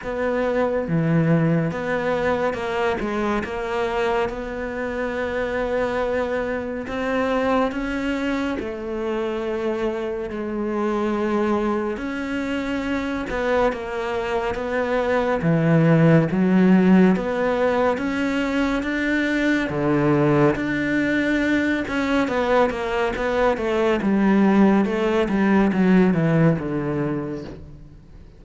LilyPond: \new Staff \with { instrumentName = "cello" } { \time 4/4 \tempo 4 = 70 b4 e4 b4 ais8 gis8 | ais4 b2. | c'4 cis'4 a2 | gis2 cis'4. b8 |
ais4 b4 e4 fis4 | b4 cis'4 d'4 d4 | d'4. cis'8 b8 ais8 b8 a8 | g4 a8 g8 fis8 e8 d4 | }